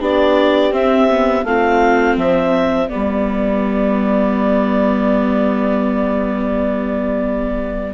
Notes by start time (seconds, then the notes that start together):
0.00 B3 D4 G4 D5
0.71 C4 E5
1.10 B3
1.44 A3 C4 F4 F5
2.16 F3 C5 E5
2.89 G3 B3 G4 D5